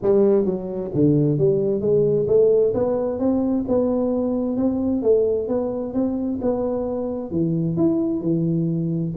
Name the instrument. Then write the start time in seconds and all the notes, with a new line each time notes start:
tuba
0.02 G3
0.45 F#3
0.94 D3
1.38 G3
1.80 G#3
2.27 A3
2.74 B3
3.19 C4
3.68 B3
4.56 C4
5.02 A3
5.48 B3
5.93 C4
6.41 B3
7.31 E3
7.76 E4
8.21 E3